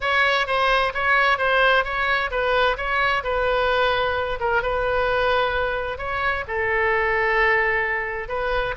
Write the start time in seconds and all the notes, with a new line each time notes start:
0.00 C#5
0.46 C5
0.94 C#5
1.38 C5
1.84 C#5
2.30 B4
2.77 C#5
3.23 B4
4.40 A#4
4.62 B4
5.98 C#5
6.47 A4
8.28 B4